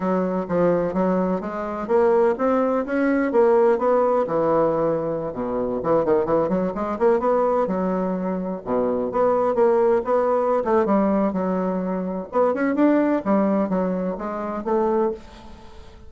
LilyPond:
\new Staff \with { instrumentName = "bassoon" } { \time 4/4 \tempo 4 = 127 fis4 f4 fis4 gis4 | ais4 c'4 cis'4 ais4 | b4 e2~ e16 b,8.~ | b,16 e8 dis8 e8 fis8 gis8 ais8 b8.~ |
b16 fis2 b,4 b8.~ | b16 ais4 b4~ b16 a8 g4 | fis2 b8 cis'8 d'4 | g4 fis4 gis4 a4 | }